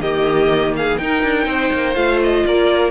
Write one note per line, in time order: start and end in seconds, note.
0.00 0.98 D#3
0.00 1.00 A#3
0.00 0.74 G4
0.00 0.75 D#5
0.76 1.02 G#4
0.76 0.98 F5
0.98 1.23 D#4
0.98 1.95 D#4
0.98 1.47 A#4
0.98 1.95 G5
1.23 1.46 D4
1.46 1.70 C4
1.46 2.45 C5
1.73 1.96 A#3
1.95 2.44 A3
1.95 2.91 F4
1.95 2.19 F5
2.23 2.46 D#5
2.45 2.91 A#3
2.45 2.91 A#4
2.45 2.91 D5